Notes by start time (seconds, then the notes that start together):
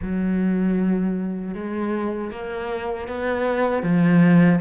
0.01 F#3
1.54 G#3
2.31 A#3
3.08 B3
3.83 F3